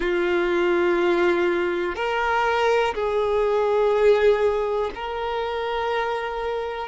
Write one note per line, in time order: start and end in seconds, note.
0.00 1.95 F4
1.95 2.94 A#4
2.94 4.90 G#4
4.94 6.88 A#4